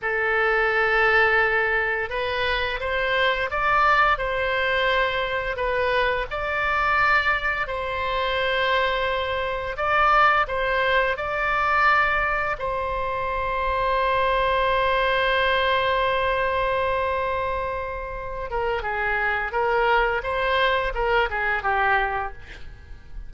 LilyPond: \new Staff \with { instrumentName = "oboe" } { \time 4/4 \tempo 4 = 86 a'2. b'4 | c''4 d''4 c''2 | b'4 d''2 c''4~ | c''2 d''4 c''4 |
d''2 c''2~ | c''1~ | c''2~ c''8 ais'8 gis'4 | ais'4 c''4 ais'8 gis'8 g'4 | }